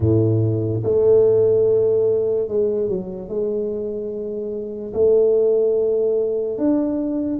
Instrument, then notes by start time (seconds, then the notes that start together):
tuba
0.00 A2
0.83 A3
2.47 G#3
2.88 F#3
3.28 G#3
4.93 A3
6.58 D4